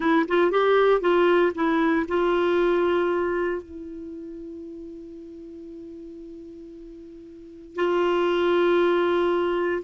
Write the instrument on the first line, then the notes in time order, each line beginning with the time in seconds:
clarinet
0.00 E4
0.28 F4
0.51 G4
1.00 F4
1.54 E4
2.07 F4
3.62 E4
7.75 F4